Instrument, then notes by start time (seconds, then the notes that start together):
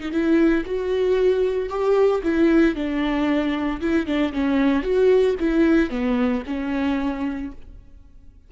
viola
0.00 D#4
0.12 E4
0.66 F#4
1.69 G4
2.23 E4
2.75 D4
3.81 E4
4.06 D4
4.33 C#4
4.83 F#4
5.40 E4
5.90 B3
6.47 C#4